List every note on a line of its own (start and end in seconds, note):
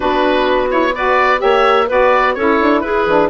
0.00 1.42 B3
0.00 0.69 D4
0.00 0.94 F#4
0.00 0.69 B4
0.70 0.94 E4
0.70 0.94 C#5
0.94 1.38 F#4
0.94 1.41 B4
0.94 1.40 D5
1.38 1.89 A#3
1.38 1.85 G4
1.38 1.87 C#5
1.38 1.88 E5
1.87 2.36 B3
1.87 2.37 F#4
1.87 2.34 B4
1.87 2.34 D5
2.34 2.59 C#4
2.34 3.07 E4
2.34 2.83 A4
2.34 2.81 C#5
2.61 2.83 D4
2.81 3.06 E4
2.81 3.29 G#4
2.81 3.28 B4
3.06 3.29 E3
3.06 3.29 D4